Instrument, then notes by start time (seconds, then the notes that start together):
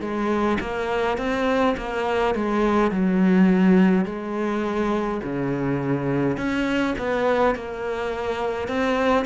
cello
0.00 G#3
0.60 A#3
1.17 C4
1.77 A#3
2.34 G#3
2.91 F#3
4.05 G#3
5.23 C#3
6.37 C#4
6.98 B3
7.55 A#3
8.67 C4